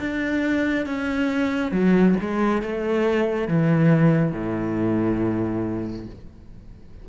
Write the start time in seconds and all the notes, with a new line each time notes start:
0.00 D4
0.87 C#4
1.72 F#3
2.21 G#3
2.62 A3
3.49 E3
4.32 A2